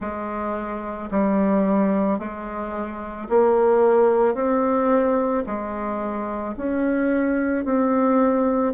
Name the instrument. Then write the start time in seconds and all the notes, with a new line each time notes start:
bassoon
0.00 G#3
1.11 G3
2.18 G#3
3.29 A#3
4.34 C4
5.46 G#3
6.57 C#4
7.65 C4